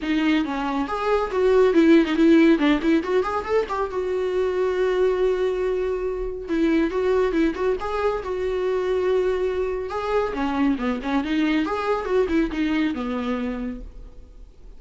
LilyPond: \new Staff \with { instrumentName = "viola" } { \time 4/4 \tempo 4 = 139 dis'4 cis'4 gis'4 fis'4 | e'8. dis'16 e'4 d'8 e'8 fis'8 gis'8 | a'8 g'8 fis'2.~ | fis'2. e'4 |
fis'4 e'8 fis'8 gis'4 fis'4~ | fis'2. gis'4 | cis'4 b8 cis'8 dis'4 gis'4 | fis'8 e'8 dis'4 b2 | }